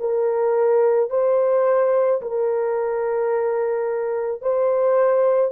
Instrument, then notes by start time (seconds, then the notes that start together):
horn
0.00 A#4
1.10 C5
2.22 A#4
4.41 C5